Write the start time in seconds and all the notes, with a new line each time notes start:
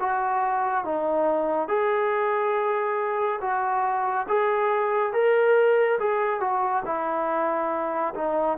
0.00 F#4
0.85 D#4
1.69 G#4
3.41 F#4
4.28 G#4
5.13 A#4
6.00 G#4
6.41 F#4
6.85 E4
8.15 D#4